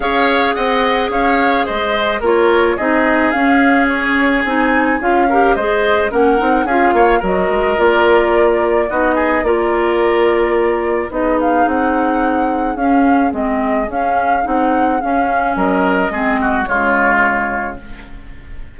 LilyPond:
<<
  \new Staff \with { instrumentName = "flute" } { \time 4/4 \tempo 4 = 108 f''4 fis''4 f''4 dis''4 | cis''4 dis''4 f''4 cis''4 | gis''4 f''4 dis''4 fis''4 | f''4 dis''4 d''2 |
dis''4 d''2. | dis''8 f''8 fis''2 f''4 | dis''4 f''4 fis''4 f''4 | dis''2 cis''2 | }
  \new Staff \with { instrumentName = "oboe" } { \time 4/4 cis''4 dis''4 cis''4 c''4 | ais'4 gis'2.~ | gis'4. ais'8 c''4 ais'4 | gis'8 cis''8 ais'2. |
fis'8 gis'8 ais'2. | gis'1~ | gis'1 | ais'4 gis'8 fis'8 f'2 | }
  \new Staff \with { instrumentName = "clarinet" } { \time 4/4 gis'1 | f'4 dis'4 cis'2 | dis'4 f'8 g'8 gis'4 cis'8 dis'8 | f'4 fis'4 f'2 |
dis'4 f'2. | dis'2. cis'4 | c'4 cis'4 dis'4 cis'4~ | cis'4 c'4 gis2 | }
  \new Staff \with { instrumentName = "bassoon" } { \time 4/4 cis'4 c'4 cis'4 gis4 | ais4 c'4 cis'2 | c'4 cis'4 gis4 ais8 c'8 | cis'8 ais8 fis8 gis8 ais2 |
b4 ais2. | b4 c'2 cis'4 | gis4 cis'4 c'4 cis'4 | fis4 gis4 cis2 | }
>>